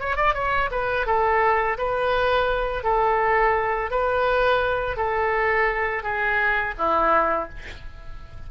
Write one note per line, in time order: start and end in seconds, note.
0.00 0.17 C#5
0.17 0.34 D5
0.34 0.70 C#5
0.71 1.06 B4
1.06 1.78 A4
1.78 2.83 B4
2.83 3.91 A4
3.91 4.97 B4
4.97 6.03 A4
6.03 6.74 G#4
6.78 7.49 E4